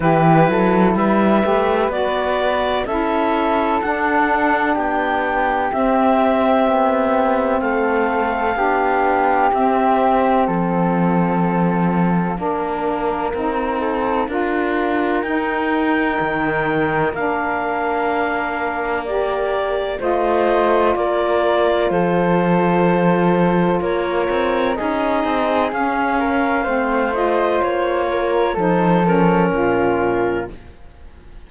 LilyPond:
<<
  \new Staff \with { instrumentName = "clarinet" } { \time 4/4 \tempo 4 = 63 b'4 e''4 d''4 e''4 | fis''4 g''4 e''2 | f''2 e''4 f''4~ | f''1 |
g''2 f''2 | d''4 dis''4 d''4 c''4~ | c''4 cis''4 dis''4 f''4~ | f''8 dis''8 cis''4 c''8 ais'4. | }
  \new Staff \with { instrumentName = "flute" } { \time 4/4 g'8 a'8 b'2 a'4~ | a'4 g'2. | a'4 g'2 a'4~ | a'4 ais'4. a'8 ais'4~ |
ais'1~ | ais'4 c''4 ais'4 a'4~ | a'4 ais'4 gis'4. ais'8 | c''4. ais'8 a'4 f'4 | }
  \new Staff \with { instrumentName = "saxophone" } { \time 4/4 e'4. g'8 fis'4 e'4 | d'2 c'2~ | c'4 d'4 c'2~ | c'4 d'4 dis'4 f'4 |
dis'2 d'2 | g'4 f'2.~ | f'2 dis'4 cis'4 | c'8 f'4. dis'8 cis'4. | }
  \new Staff \with { instrumentName = "cello" } { \time 4/4 e8 fis8 g8 a8 b4 cis'4 | d'4 b4 c'4 b4 | a4 b4 c'4 f4~ | f4 ais4 c'4 d'4 |
dis'4 dis4 ais2~ | ais4 a4 ais4 f4~ | f4 ais8 c'8 cis'8 c'8 cis'4 | a4 ais4 f4 ais,4 | }
>>